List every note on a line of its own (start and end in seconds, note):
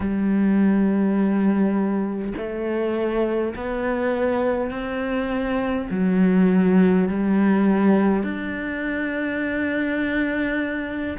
0.00 2.33 G3
2.37 3.55 A3
3.56 4.70 B3
4.70 5.88 C4
5.90 7.08 F#3
7.08 8.23 G3
8.23 11.17 D4